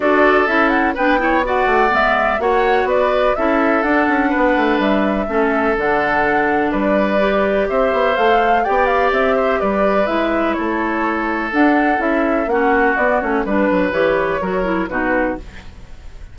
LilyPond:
<<
  \new Staff \with { instrumentName = "flute" } { \time 4/4 \tempo 4 = 125 d''4 e''8 fis''8 g''4 fis''4 | e''4 fis''4 d''4 e''4 | fis''2 e''2 | fis''2 d''2 |
e''4 f''4 g''8 f''8 e''4 | d''4 e''4 cis''2 | fis''4 e''4 fis''4 d''8 cis''8 | b'4 cis''2 b'4 | }
  \new Staff \with { instrumentName = "oboe" } { \time 4/4 a'2 b'8 cis''8 d''4~ | d''4 cis''4 b'4 a'4~ | a'4 b'2 a'4~ | a'2 b'2 |
c''2 d''4. c''8 | b'2 a'2~ | a'2 fis'2 | b'2 ais'4 fis'4 | }
  \new Staff \with { instrumentName = "clarinet" } { \time 4/4 fis'4 e'4 d'8 e'8 fis'4 | b4 fis'2 e'4 | d'2. cis'4 | d'2. g'4~ |
g'4 a'4 g'2~ | g'4 e'2. | d'4 e'4 cis'4 b8 cis'8 | d'4 g'4 fis'8 e'8 dis'4 | }
  \new Staff \with { instrumentName = "bassoon" } { \time 4/4 d'4 cis'4 b4. a8 | gis4 ais4 b4 cis'4 | d'8 cis'8 b8 a8 g4 a4 | d2 g2 |
c'8 b8 a4 b4 c'4 | g4 gis4 a2 | d'4 cis'4 ais4 b8 a8 | g8 fis8 e4 fis4 b,4 | }
>>